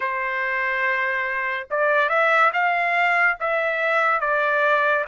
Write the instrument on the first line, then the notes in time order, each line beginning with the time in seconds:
trumpet
0.00 C5
1.70 D5
2.09 E5
2.53 F5
3.40 E5
4.20 D5